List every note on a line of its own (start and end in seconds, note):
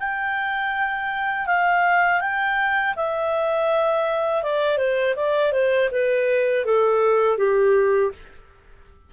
0.00 1.46 G5
1.46 2.21 F5
2.21 2.95 G5
2.97 4.43 E5
4.43 4.78 D5
4.78 5.15 C5
5.16 5.53 D5
5.53 5.90 C5
5.92 6.66 B4
6.66 7.38 A4
7.38 8.12 G4